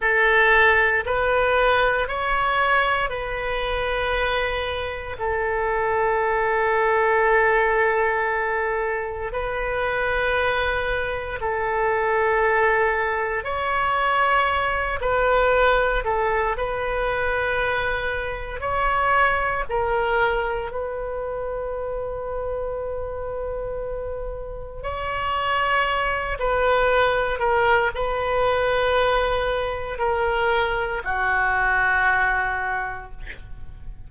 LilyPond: \new Staff \with { instrumentName = "oboe" } { \time 4/4 \tempo 4 = 58 a'4 b'4 cis''4 b'4~ | b'4 a'2.~ | a'4 b'2 a'4~ | a'4 cis''4. b'4 a'8 |
b'2 cis''4 ais'4 | b'1 | cis''4. b'4 ais'8 b'4~ | b'4 ais'4 fis'2 | }